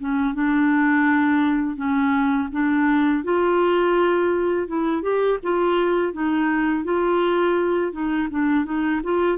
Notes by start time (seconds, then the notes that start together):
0.00 C#4
0.35 D4
1.76 C#4
2.52 D4
3.24 F4
4.68 E4
5.02 G4
5.43 F4
6.13 D#4
6.84 F4
7.92 D#4
8.31 D4
8.65 D#4
9.04 F4